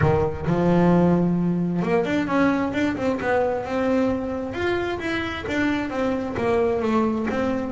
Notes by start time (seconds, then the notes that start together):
0.01 D#3
0.47 F3
1.82 A#3
2.05 D4
2.27 C#4
2.73 D4
2.96 C4
3.20 B3
3.64 C4
4.53 F4
4.99 E4
5.48 D4
5.90 C4
6.37 A#3
6.81 A3
7.30 C4